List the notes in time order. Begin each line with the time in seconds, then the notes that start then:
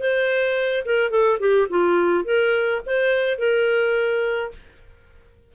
0.00 C5
0.86 A#4
1.11 A4
1.40 G4
1.70 F4
2.25 A#4
2.86 C5
3.39 A#4